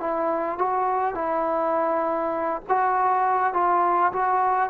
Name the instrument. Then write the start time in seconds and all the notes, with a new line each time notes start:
trombone
0.00 E4
0.59 F#4
1.15 E4
2.69 F#4
3.53 F4
4.13 F#4